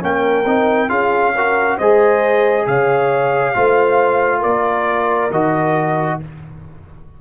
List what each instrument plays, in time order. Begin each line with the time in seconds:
0.00 tuba A#3, trombone C#4, horn A#4, trumpet G5
0.45 tuba C4, trombone D#4
0.89 tuba C#4, trombone F4, horn G#4, trumpet F5
1.35 trombone F#4, horn A#4
1.77 tuba G#3, trombone G#4, horn C5, trumpet D#5
2.67 tuba C#3, horn C#5, trumpet F5
3.54 tuba A3, trombone F4, horn C5
4.39 tuba A#3, horn A#4, trumpet D5
5.30 tuba D#3, trombone F#4, trumpet D#5